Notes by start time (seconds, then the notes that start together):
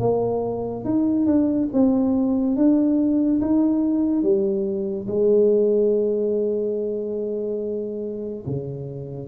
0.00 A#3
0.85 D#4
1.26 D4
1.73 C4
2.57 D4
3.41 D#4
4.23 G3
5.08 G#3
8.46 C#3